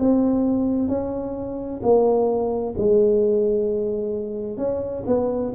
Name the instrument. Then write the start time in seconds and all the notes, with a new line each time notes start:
tuba
0.00 C4
0.89 C#4
1.83 A#3
2.78 G#3
4.58 C#4
5.07 B3